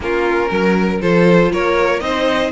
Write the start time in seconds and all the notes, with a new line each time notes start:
0.00 A#3 C#4 F4 A#4
0.48 F#3 A#4
1.01 F3 F4 A4 C5
1.52 A#3 A#4 C#5
1.99 C4 D#4 C5 D#5